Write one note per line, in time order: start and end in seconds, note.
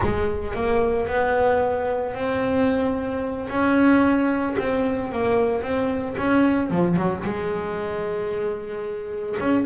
0.02 0.54 G#3
0.54 1.07 A#3
1.07 2.14 B3
2.14 3.48 C4
3.49 4.56 C#4
4.58 5.12 C4
5.12 5.62 A#3
5.62 6.16 C4
6.17 6.70 C#4
6.70 6.96 F3
6.96 7.23 F#3
7.23 9.37 G#3
9.40 9.65 C#4